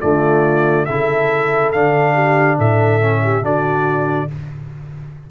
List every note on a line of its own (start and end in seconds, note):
0.00 0.88 D3
0.00 0.86 A3
0.00 0.86 F4
0.00 0.85 D5
0.85 1.73 C#3
0.85 1.73 E4
0.85 2.14 A4
0.85 1.71 E5
1.72 2.58 D3
1.72 3.00 D4
1.72 2.57 F5
2.14 2.57 G4
2.57 3.42 A2
2.57 3.21 A4
2.57 3.44 E5
3.00 3.42 C#4
3.23 3.42 G4
3.42 4.27 D3
3.42 4.27 D4
3.42 4.28 F#4
3.42 4.30 D5